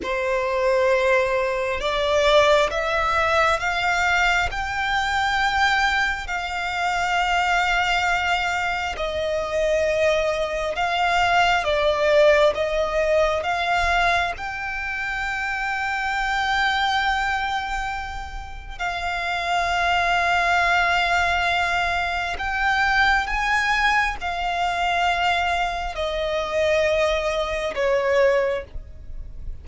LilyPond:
\new Staff \with { instrumentName = "violin" } { \time 4/4 \tempo 4 = 67 c''2 d''4 e''4 | f''4 g''2 f''4~ | f''2 dis''2 | f''4 d''4 dis''4 f''4 |
g''1~ | g''4 f''2.~ | f''4 g''4 gis''4 f''4~ | f''4 dis''2 cis''4 | }